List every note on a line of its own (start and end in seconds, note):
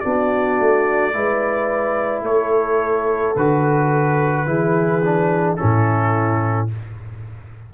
0.00 0.59 B3
0.00 1.13 D4
0.00 1.14 F#4
0.00 2.22 D5
0.59 1.15 A3
1.13 2.22 G#3
1.13 3.36 E4
1.13 2.25 B4
2.22 3.33 A3
2.22 4.47 A4
2.22 3.36 C#5
3.36 4.47 D3
3.36 4.47 F#4
3.36 5.56 B4
4.47 5.58 E3
4.47 5.02 E4
4.47 5.58 G#4
5.04 5.57 D4
5.56 6.69 C#4
5.56 6.70 E4
5.56 6.67 A4
5.62 6.74 A2